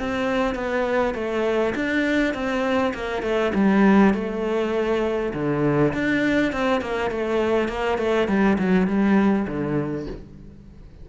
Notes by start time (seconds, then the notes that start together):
0.00 C4
0.55 B3
1.15 A3
1.76 D4
2.34 C4
2.95 A#3
3.23 A3
3.55 G3
4.14 A3
5.34 D3
5.94 D4
6.53 C4
6.82 A#3
7.11 A3
7.68 A#3
7.98 A3
8.28 G3
8.59 F#3
8.88 G3
9.48 D3